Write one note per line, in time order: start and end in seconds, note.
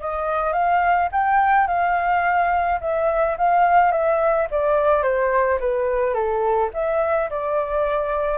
0.00 0.52 D#5
0.52 1.08 F5
1.11 1.67 G5
1.67 2.79 F5
2.80 3.36 E5
3.37 3.91 F5
3.91 4.47 E5
4.50 5.02 D5
5.02 5.58 C5
5.59 6.14 B4
6.14 6.70 A4
6.73 7.29 E5
7.30 8.38 D5